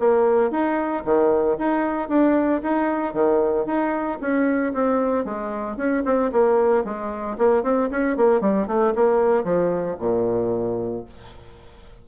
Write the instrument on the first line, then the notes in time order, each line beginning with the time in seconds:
bassoon
0.00 A#3
0.51 D#4
1.05 D#3
1.59 D#4
2.09 D4
2.63 D#4
3.14 D#3
3.66 D#4
4.21 C#4
4.74 C4
5.25 G#3
5.77 C#4
6.05 C4
6.32 A#3
6.85 G#3
7.38 A#3
7.63 C4
7.91 C#4
8.17 A#3
8.41 G3
8.67 A3
8.95 A#3
9.44 F3
10.00 A#2